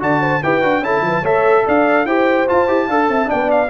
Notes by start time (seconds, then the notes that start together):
0.00 D3 F#4 D5 A5
0.21 C5
0.43 E4 G4 B4 G5
0.62 D4 F#4
0.81 C#4 E4 A4 A5
1.01 F3 B4
1.22 A3 A4 C#5 E5
1.66 D4 D5 F5
2.05 E4 G4 C5 G5
2.48 F4 A5
2.68 E4 G4
2.87 D4 A4 F5
3.08 C4 E5
3.26 D4 D5 G5
3.33 B3
3.51 F5